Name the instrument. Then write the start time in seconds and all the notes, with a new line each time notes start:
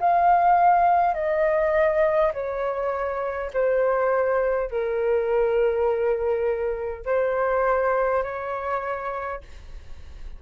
flute
0.00 F5
1.15 D#5
2.34 C#5
3.54 C5
4.71 A#4
7.06 C5
8.24 C#5